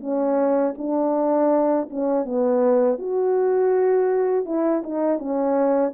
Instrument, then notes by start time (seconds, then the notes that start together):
horn
0.00 C#4
0.78 D4
1.90 C#4
2.25 B3
2.99 F#4
4.45 E4
4.83 D#4
5.19 C#4